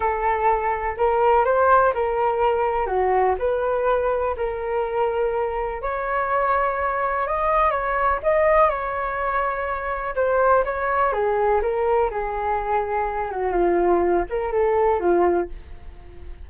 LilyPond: \new Staff \with { instrumentName = "flute" } { \time 4/4 \tempo 4 = 124 a'2 ais'4 c''4 | ais'2 fis'4 b'4~ | b'4 ais'2. | cis''2. dis''4 |
cis''4 dis''4 cis''2~ | cis''4 c''4 cis''4 gis'4 | ais'4 gis'2~ gis'8 fis'8 | f'4. ais'8 a'4 f'4 | }